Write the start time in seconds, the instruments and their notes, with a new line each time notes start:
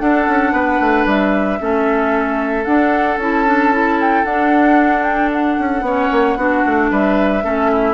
0.00 clarinet D4, bassoon D4, oboe A4, flute F#5
0.28 bassoon C#4
0.53 bassoon B3, oboe B4
0.81 bassoon A3
1.06 bassoon G3, flute E5
1.60 bassoon A3, clarinet C#4, oboe A4
2.65 bassoon D4, clarinet D4, flute F#5
3.18 bassoon C#4, clarinet E4, flute A5
3.47 clarinet D4
3.73 clarinet E4
4.01 flute G5
4.25 bassoon D4, clarinet D4, flute F#5
5.03 flute G5
5.33 flute F#5
5.59 bassoon C#4
5.82 bassoon B3, clarinet C#4, oboe C#5
6.12 bassoon A#3
6.37 bassoon B3, clarinet D4, oboe F#4
6.66 bassoon A3
6.91 bassoon G3, oboe B4, flute E5
7.43 bassoon A3, clarinet C#4, oboe A4
7.72 oboe E4